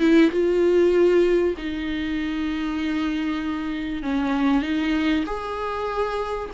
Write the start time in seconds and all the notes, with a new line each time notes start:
0.00 E4
0.31 F4
1.58 D#4
4.03 C#4
4.63 D#4
5.27 G#4